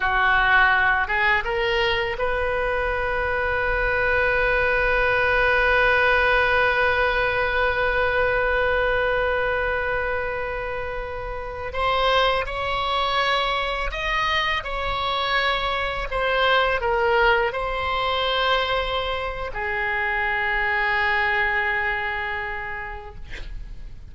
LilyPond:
\new Staff \with { instrumentName = "oboe" } { \time 4/4 \tempo 4 = 83 fis'4. gis'8 ais'4 b'4~ | b'1~ | b'1~ | b'1~ |
b'16 c''4 cis''2 dis''8.~ | dis''16 cis''2 c''4 ais'8.~ | ais'16 c''2~ c''8. gis'4~ | gis'1 | }